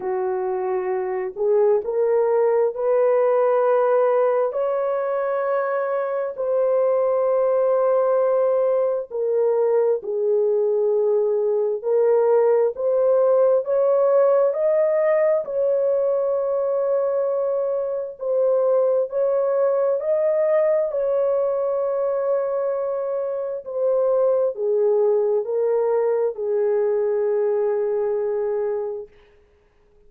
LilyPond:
\new Staff \with { instrumentName = "horn" } { \time 4/4 \tempo 4 = 66 fis'4. gis'8 ais'4 b'4~ | b'4 cis''2 c''4~ | c''2 ais'4 gis'4~ | gis'4 ais'4 c''4 cis''4 |
dis''4 cis''2. | c''4 cis''4 dis''4 cis''4~ | cis''2 c''4 gis'4 | ais'4 gis'2. | }